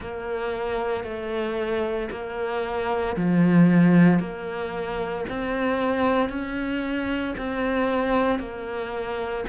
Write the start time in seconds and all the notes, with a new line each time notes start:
0.00 A#3
1.04 A3
2.11 A#3
3.16 F3
4.19 A#3
5.29 C4
6.29 C#4
7.37 C4
8.39 A#3